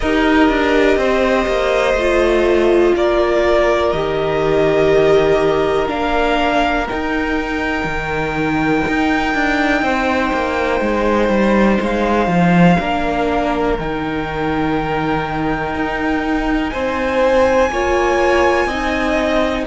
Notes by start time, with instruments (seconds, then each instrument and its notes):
0.00 cello D#4, viola G4, violin A#4 D#5
0.49 cello D4
0.97 cello C4, violin C5
1.46 cello A#3
1.93 cello A3, viola F4
2.95 cello A#3, violin A#4 D5
3.91 cello D#3, viola G4, violin D#5
5.87 cello A#3, viola D4, violin F5
6.89 viola D#4, cello D#4, violin G5
7.84 cello D#3
8.87 cello D#4
9.34 cello D4
9.82 cello C4, violin C5
10.33 cello A#3
10.81 cello G#3
11.28 cello G3
11.81 cello G#3, violin F5
12.27 cello F3
12.78 cello A#3, viola D4, violin A#4
13.78 cello D#3, viola D#4, violin G5
15.74 cello D#4
16.69 cello C4, violin C5 G#5
17.69 cello A#3, viola F4, violin C#5
18.65 cello C4, viola D#4, violin D#5